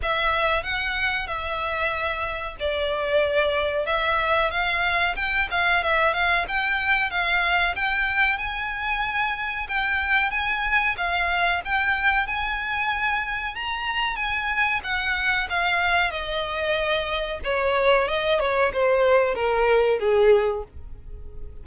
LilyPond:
\new Staff \with { instrumentName = "violin" } { \time 4/4 \tempo 4 = 93 e''4 fis''4 e''2 | d''2 e''4 f''4 | g''8 f''8 e''8 f''8 g''4 f''4 | g''4 gis''2 g''4 |
gis''4 f''4 g''4 gis''4~ | gis''4 ais''4 gis''4 fis''4 | f''4 dis''2 cis''4 | dis''8 cis''8 c''4 ais'4 gis'4 | }